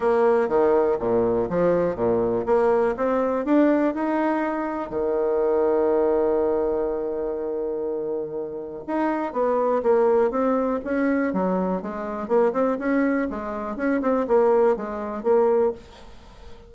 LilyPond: \new Staff \with { instrumentName = "bassoon" } { \time 4/4 \tempo 4 = 122 ais4 dis4 ais,4 f4 | ais,4 ais4 c'4 d'4 | dis'2 dis2~ | dis1~ |
dis2 dis'4 b4 | ais4 c'4 cis'4 fis4 | gis4 ais8 c'8 cis'4 gis4 | cis'8 c'8 ais4 gis4 ais4 | }